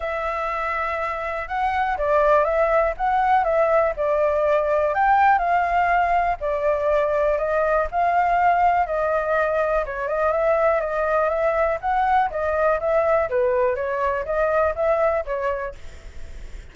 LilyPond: \new Staff \with { instrumentName = "flute" } { \time 4/4 \tempo 4 = 122 e''2. fis''4 | d''4 e''4 fis''4 e''4 | d''2 g''4 f''4~ | f''4 d''2 dis''4 |
f''2 dis''2 | cis''8 dis''8 e''4 dis''4 e''4 | fis''4 dis''4 e''4 b'4 | cis''4 dis''4 e''4 cis''4 | }